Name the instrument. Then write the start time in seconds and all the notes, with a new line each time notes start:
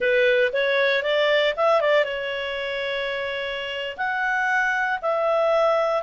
clarinet
0.00 B4
0.52 C#5
1.03 D5
1.56 E5
1.80 D5
2.04 C#5
3.97 F#5
5.01 E5